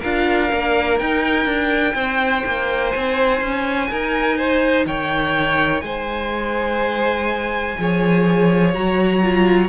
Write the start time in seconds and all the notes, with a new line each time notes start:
0.00 D4 F4 A#4 F5
0.50 A#3 D4
0.99 D#4 G5
1.46 D4
1.95 C4 C5
2.47 A#3
2.92 C4 G#5
3.41 C#4
3.91 D#4 A#4
4.38 C5
4.86 D#3 C#5 G5
5.81 G#3 C5 G#5
7.78 F3 G#4 C#5
8.74 F#3 F#4 A#5
9.23 F4